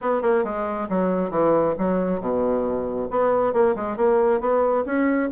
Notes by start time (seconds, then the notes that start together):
0.01 B3
0.21 A#3
0.44 G#3
0.89 F#3
1.30 E3
1.78 F#3
2.20 B2
3.10 B3
3.53 A#3
3.75 G#3
3.96 A#3
4.40 B3
4.85 C#4